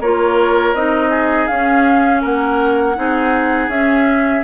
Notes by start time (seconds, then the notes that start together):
0.00 A#3 F4 A#4 C#5
0.74 C4 D#4 D#5
1.10 G#4
1.47 C#4 F5
2.22 A#3 A#4 F#5
2.96 C4 D#4 G#4
3.68 C#4 E5